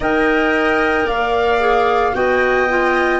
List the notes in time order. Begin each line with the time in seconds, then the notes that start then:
0.00 D#4 A#4 D#5 G5
1.05 A#3 D5 F5
1.59 G#4
2.13 B3 F#4 D#5 G5
2.68 F4